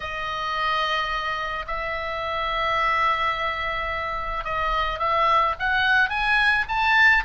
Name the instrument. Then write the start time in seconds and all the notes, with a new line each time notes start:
oboe
0.00 D#5
1.67 E5
4.44 D#5
4.99 E5
5.59 F#5
6.09 G#5
6.68 A5